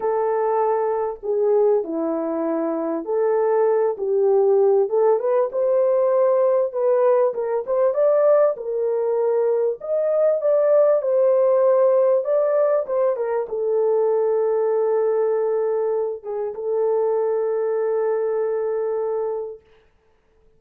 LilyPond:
\new Staff \with { instrumentName = "horn" } { \time 4/4 \tempo 4 = 98 a'2 gis'4 e'4~ | e'4 a'4. g'4. | a'8 b'8 c''2 b'4 | ais'8 c''8 d''4 ais'2 |
dis''4 d''4 c''2 | d''4 c''8 ais'8 a'2~ | a'2~ a'8 gis'8 a'4~ | a'1 | }